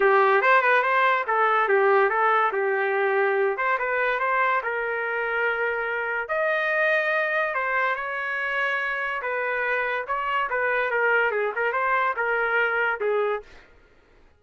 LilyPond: \new Staff \with { instrumentName = "trumpet" } { \time 4/4 \tempo 4 = 143 g'4 c''8 b'8 c''4 a'4 | g'4 a'4 g'2~ | g'8 c''8 b'4 c''4 ais'4~ | ais'2. dis''4~ |
dis''2 c''4 cis''4~ | cis''2 b'2 | cis''4 b'4 ais'4 gis'8 ais'8 | c''4 ais'2 gis'4 | }